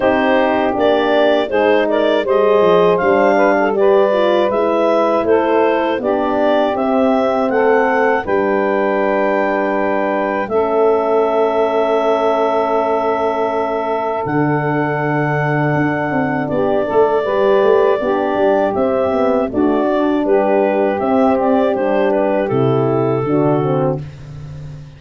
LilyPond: <<
  \new Staff \with { instrumentName = "clarinet" } { \time 4/4 \tempo 4 = 80 c''4 d''4 c''8 d''8 dis''4 | f''4 d''4 e''4 c''4 | d''4 e''4 fis''4 g''4~ | g''2 e''2~ |
e''2. fis''4~ | fis''2 d''2~ | d''4 e''4 d''4 b'4 | e''8 d''8 c''8 b'8 a'2 | }
  \new Staff \with { instrumentName = "saxophone" } { \time 4/4 g'2 gis'8 ais'8 c''4~ | c''8 b'16 a'16 b'2 a'4 | g'2 a'4 b'4~ | b'2 a'2~ |
a'1~ | a'2 g'8 a'8 b'4 | g'2 fis'4 g'4~ | g'2. fis'4 | }
  \new Staff \with { instrumentName = "horn" } { \time 4/4 dis'4 d'4 dis'4 gis'4 | d'4 g'8 f'8 e'2 | d'4 c'2 d'4~ | d'2 cis'2~ |
cis'2. d'4~ | d'2. g'4 | d'4 c'8 b8 a8 d'4. | c'4 d'4 e'4 d'8 c'8 | }
  \new Staff \with { instrumentName = "tuba" } { \time 4/4 c'4 ais4 gis4 g8 f8 | g2 gis4 a4 | b4 c'4 a4 g4~ | g2 a2~ |
a2. d4~ | d4 d'8 c'8 b8 a8 g8 a8 | b8 g8 c'4 d'4 g4 | c'4 g4 c4 d4 | }
>>